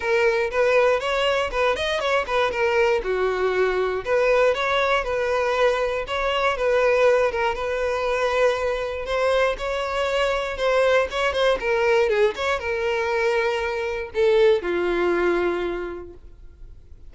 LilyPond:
\new Staff \with { instrumentName = "violin" } { \time 4/4 \tempo 4 = 119 ais'4 b'4 cis''4 b'8 dis''8 | cis''8 b'8 ais'4 fis'2 | b'4 cis''4 b'2 | cis''4 b'4. ais'8 b'4~ |
b'2 c''4 cis''4~ | cis''4 c''4 cis''8 c''8 ais'4 | gis'8 cis''8 ais'2. | a'4 f'2. | }